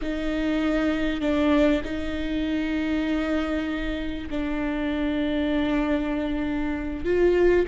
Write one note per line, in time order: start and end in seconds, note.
0.01 1.21 D#4
1.21 1.82 D4
1.83 4.28 D#4
4.30 7.04 D4
7.04 7.66 F4